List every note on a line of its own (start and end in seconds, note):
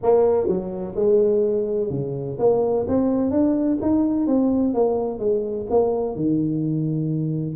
0.02 0.47 A#3
0.47 0.94 F#3
0.95 1.90 G#3
1.90 2.37 C#3
2.39 2.86 A#3
2.88 3.30 C4
3.30 3.78 D4
3.81 4.26 D#4
4.26 4.74 C4
4.74 5.19 A#3
5.19 5.66 G#3
5.70 6.15 A#3
6.15 7.55 D#3